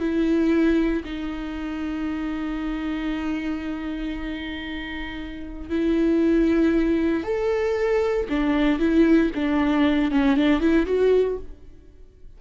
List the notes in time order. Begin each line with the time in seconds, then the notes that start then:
0.00 E4
1.05 D#4
5.70 E4
7.24 A4
8.30 D4
8.80 E4
9.35 D4
10.12 C#4
10.37 D4
10.61 E4
10.86 F#4